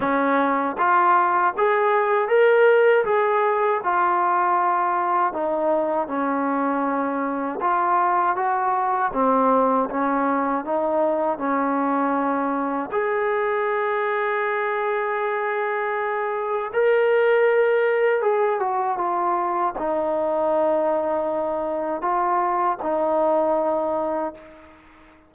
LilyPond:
\new Staff \with { instrumentName = "trombone" } { \time 4/4 \tempo 4 = 79 cis'4 f'4 gis'4 ais'4 | gis'4 f'2 dis'4 | cis'2 f'4 fis'4 | c'4 cis'4 dis'4 cis'4~ |
cis'4 gis'2.~ | gis'2 ais'2 | gis'8 fis'8 f'4 dis'2~ | dis'4 f'4 dis'2 | }